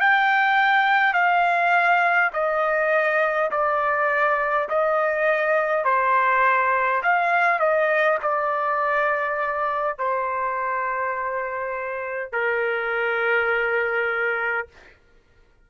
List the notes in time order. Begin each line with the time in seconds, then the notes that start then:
0.00 G5
1.13 F5
2.33 D#5
3.51 D5
4.68 D#5
5.84 C5
7.03 F5
7.59 D#5
8.22 D5
9.98 C5
12.32 A#4